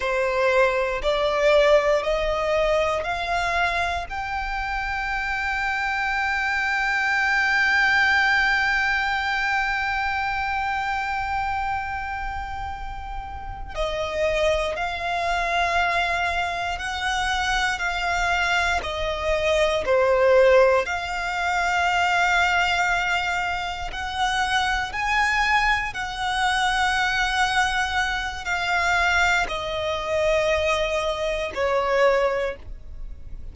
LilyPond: \new Staff \with { instrumentName = "violin" } { \time 4/4 \tempo 4 = 59 c''4 d''4 dis''4 f''4 | g''1~ | g''1~ | g''4. dis''4 f''4.~ |
f''8 fis''4 f''4 dis''4 c''8~ | c''8 f''2. fis''8~ | fis''8 gis''4 fis''2~ fis''8 | f''4 dis''2 cis''4 | }